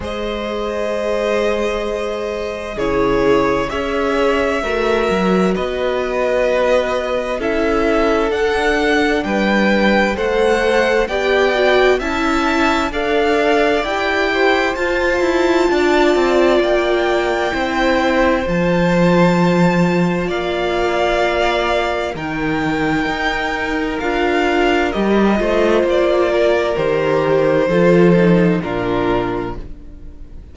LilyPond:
<<
  \new Staff \with { instrumentName = "violin" } { \time 4/4 \tempo 4 = 65 dis''2. cis''4 | e''2 dis''2 | e''4 fis''4 g''4 fis''4 | g''4 a''4 f''4 g''4 |
a''2 g''2 | a''2 f''2 | g''2 f''4 dis''4 | d''4 c''2 ais'4 | }
  \new Staff \with { instrumentName = "violin" } { \time 4/4 c''2. gis'4 | cis''4 ais'4 b'2 | a'2 b'4 c''4 | d''4 e''4 d''4. c''8~ |
c''4 d''2 c''4~ | c''2 d''2 | ais'2.~ ais'8 c''8~ | c''8 ais'4. a'4 f'4 | }
  \new Staff \with { instrumentName = "viola" } { \time 4/4 gis'2. e'4 | gis'4 fis'2. | e'4 d'2 a'4 | g'8 fis'8 e'4 a'4 g'4 |
f'2. e'4 | f'1 | dis'2 f'4 g'8 f'8~ | f'4 g'4 f'8 dis'8 d'4 | }
  \new Staff \with { instrumentName = "cello" } { \time 4/4 gis2. cis4 | cis'4 a8 fis8 b2 | cis'4 d'4 g4 a4 | b4 cis'4 d'4 e'4 |
f'8 e'8 d'8 c'8 ais4 c'4 | f2 ais2 | dis4 dis'4 d'4 g8 a8 | ais4 dis4 f4 ais,4 | }
>>